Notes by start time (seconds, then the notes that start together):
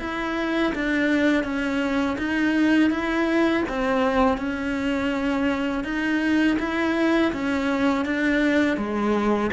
0.00 E4
0.75 D4
1.44 C#4
2.19 D#4
2.91 E4
3.69 C4
4.38 C#4
5.84 D#4
6.60 E4
7.33 C#4
8.06 D4
8.78 G#3